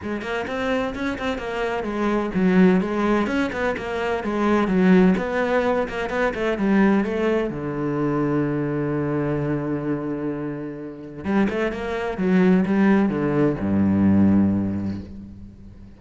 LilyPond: \new Staff \with { instrumentName = "cello" } { \time 4/4 \tempo 4 = 128 gis8 ais8 c'4 cis'8 c'8 ais4 | gis4 fis4 gis4 cis'8 b8 | ais4 gis4 fis4 b4~ | b8 ais8 b8 a8 g4 a4 |
d1~ | d1 | g8 a8 ais4 fis4 g4 | d4 g,2. | }